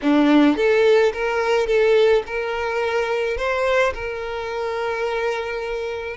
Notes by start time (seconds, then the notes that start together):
0.02 D4
0.56 A4
1.13 A#4
1.66 A4
2.26 A#4
3.37 C5
3.94 A#4